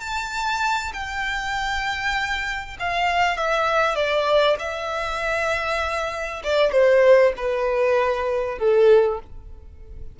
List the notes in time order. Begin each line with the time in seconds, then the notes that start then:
0.00 A5
0.93 G5
2.79 F5
3.37 E5
3.95 D5
4.59 E5
6.43 D5
6.72 C5
7.36 B4
8.59 A4